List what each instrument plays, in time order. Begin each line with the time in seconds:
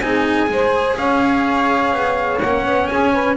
0.00 double bass C4, cello D#4, saxophone G#4, trumpet G#5
0.47 double bass G#3, cello G#4, saxophone C5
0.98 double bass C#4, saxophone C#5, trumpet F5
1.93 double bass B3
2.41 double bass A#3, cello C#4, trumpet F#5
2.66 double bass B3
2.88 double bass C#4, saxophone G#4, trumpet G#5
3.13 saxophone B4